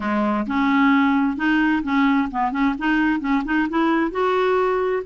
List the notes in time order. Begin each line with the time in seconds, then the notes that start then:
0.00 G#3
0.47 C#4
1.36 D#4
1.83 C#4
2.31 B3
2.51 C#4
2.78 D#4
3.20 C#4
3.45 D#4
3.69 E4
4.11 F#4